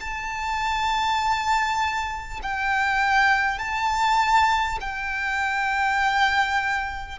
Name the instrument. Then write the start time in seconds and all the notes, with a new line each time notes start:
violin
0.00 A5
2.43 G5
3.59 A5
4.81 G5